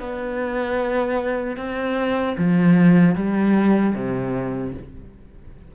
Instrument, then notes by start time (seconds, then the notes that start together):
cello
0.00 B3
1.57 C4
2.38 F3
3.15 G3
3.95 C3